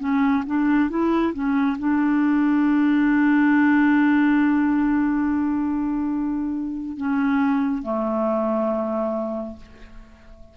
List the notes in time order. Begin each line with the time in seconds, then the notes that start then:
0.00 C#4
0.46 D4
0.90 E4
1.34 C#4
1.79 D4
6.97 C#4
7.83 A3